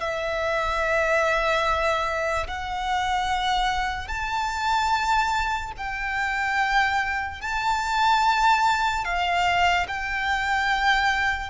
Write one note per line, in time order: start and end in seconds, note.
0.00 2.47 E5
2.47 4.08 F#5
4.08 5.72 A5
5.77 7.41 G5
7.41 9.04 A5
9.04 9.86 F5
9.87 11.50 G5